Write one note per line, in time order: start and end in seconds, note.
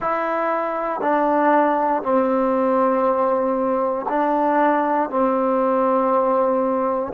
0.00 1.00 E4
1.00 2.02 D4
2.02 4.05 C4
4.09 5.09 D4
5.09 7.12 C4